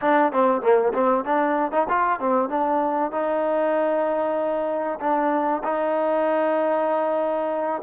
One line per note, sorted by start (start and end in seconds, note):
0.01 0.32 D4
0.32 0.61 C4
0.61 0.93 A#3
0.93 1.24 C4
1.24 1.71 D4
1.71 1.87 D#4
1.88 2.19 F4
2.19 2.49 C4
2.49 3.11 D4
3.11 4.99 D#4
4.99 5.62 D4
5.63 7.82 D#4